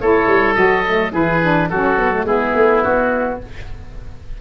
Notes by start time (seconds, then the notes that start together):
0.00 A3 E4 A4 C#5
0.27 G3
0.55 F#3 F#4 D#5
0.85 A3
1.12 E3 E4 G#4 B4
1.42 D4
1.69 F#3 C#4 F#4 A4
1.98 B3
2.12 A3
2.24 G#3 B3 E4 G#4
2.55 A3
2.83 B3 F#4